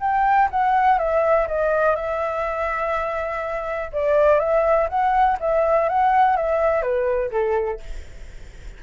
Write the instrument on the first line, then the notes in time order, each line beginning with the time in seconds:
flute
0.00 G5
0.51 F#5
0.98 E5
1.47 D#5
1.96 E5
3.92 D5
4.39 E5
4.89 F#5
5.40 E5
5.88 F#5
6.36 E5
6.82 B4
7.31 A4